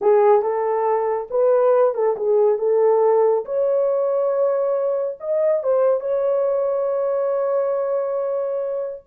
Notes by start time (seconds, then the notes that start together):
0.01 G#4
0.41 A4
1.30 B4
1.94 A4
2.16 G#4
2.58 A4
3.45 C#5
5.20 D#5
5.63 C5
6.00 C#5